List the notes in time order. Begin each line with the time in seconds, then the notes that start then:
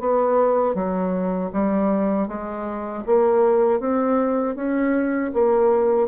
0.00 B3
0.75 F#3
1.53 G3
2.28 G#3
3.06 A#3
3.80 C4
4.56 C#4
5.33 A#3